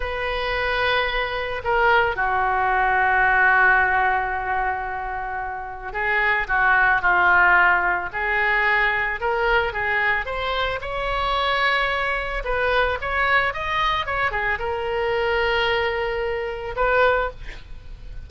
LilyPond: \new Staff \with { instrumentName = "oboe" } { \time 4/4 \tempo 4 = 111 b'2. ais'4 | fis'1~ | fis'2. gis'4 | fis'4 f'2 gis'4~ |
gis'4 ais'4 gis'4 c''4 | cis''2. b'4 | cis''4 dis''4 cis''8 gis'8 ais'4~ | ais'2. b'4 | }